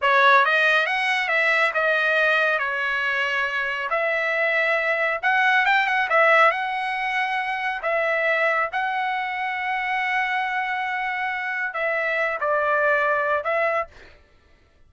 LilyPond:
\new Staff \with { instrumentName = "trumpet" } { \time 4/4 \tempo 4 = 138 cis''4 dis''4 fis''4 e''4 | dis''2 cis''2~ | cis''4 e''2. | fis''4 g''8 fis''8 e''4 fis''4~ |
fis''2 e''2 | fis''1~ | fis''2. e''4~ | e''8 d''2~ d''8 e''4 | }